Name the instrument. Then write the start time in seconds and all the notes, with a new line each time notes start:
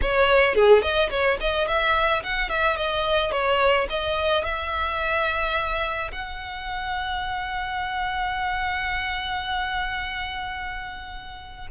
violin
0.01 C#5
0.55 G#4
0.82 D#5
1.10 C#5
1.40 D#5
1.67 E5
2.23 F#5
2.49 E5
2.76 D#5
3.31 C#5
3.89 D#5
4.44 E5
6.12 F#5